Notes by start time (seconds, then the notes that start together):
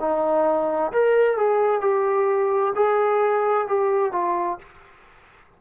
0.00 D#4
0.93 A#4
1.37 G#4
1.81 G4
2.75 G#4
3.68 G4
4.12 F4